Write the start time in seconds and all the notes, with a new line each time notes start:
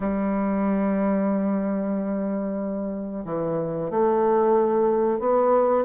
0.00 G3
3.25 E3
3.90 A3
5.19 B3